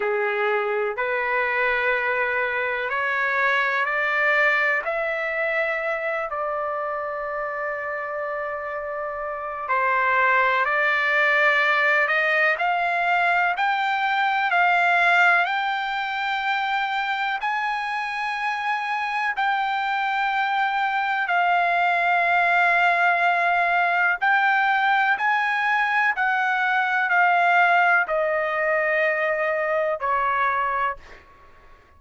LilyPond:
\new Staff \with { instrumentName = "trumpet" } { \time 4/4 \tempo 4 = 62 gis'4 b'2 cis''4 | d''4 e''4. d''4.~ | d''2 c''4 d''4~ | d''8 dis''8 f''4 g''4 f''4 |
g''2 gis''2 | g''2 f''2~ | f''4 g''4 gis''4 fis''4 | f''4 dis''2 cis''4 | }